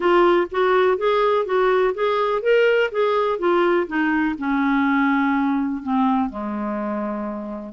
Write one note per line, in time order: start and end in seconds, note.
0.00 0.47 F4
0.51 0.97 F#4
0.97 1.45 G#4
1.45 1.94 F#4
1.94 2.42 G#4
2.42 2.90 A#4
2.91 3.38 G#4
3.38 3.87 F4
3.87 4.35 D#4
4.38 5.82 C#4
5.82 6.29 C4
6.29 7.72 G#3